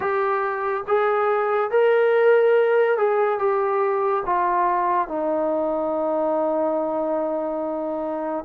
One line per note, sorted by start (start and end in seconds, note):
0.00 0.83 G4
0.87 1.71 G#4
1.71 2.97 A#4
2.97 3.38 G#4
3.38 4.23 G4
4.25 5.07 F4
5.07 8.44 D#4